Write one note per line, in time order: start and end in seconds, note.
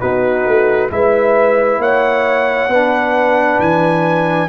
0.00 0.46 B3
0.00 0.90 D#4
0.00 0.90 F#4
0.00 0.90 B4
0.46 0.90 A3
0.90 1.78 G#3
0.90 2.70 E4
0.90 1.81 B4
0.90 1.82 E5
1.78 2.68 A#3
1.78 2.70 C#5
1.78 3.60 F#5
2.68 3.58 B3
2.68 4.49 D4
2.68 4.49 B4
3.59 4.49 E3
3.59 4.49 G#5